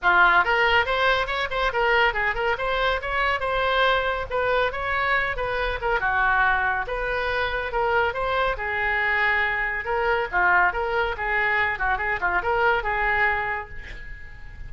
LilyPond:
\new Staff \with { instrumentName = "oboe" } { \time 4/4 \tempo 4 = 140 f'4 ais'4 c''4 cis''8 c''8 | ais'4 gis'8 ais'8 c''4 cis''4 | c''2 b'4 cis''4~ | cis''8 b'4 ais'8 fis'2 |
b'2 ais'4 c''4 | gis'2. ais'4 | f'4 ais'4 gis'4. fis'8 | gis'8 f'8 ais'4 gis'2 | }